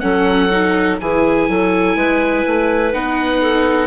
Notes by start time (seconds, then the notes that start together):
0.00 F#3 C#4 A4 F#5
0.51 D#4
1.01 E3 E4 G#4 G#5
1.49 F#3 A4
1.96 G#3 B4
2.47 A3
2.94 B3 D#4 F#5
3.42 A4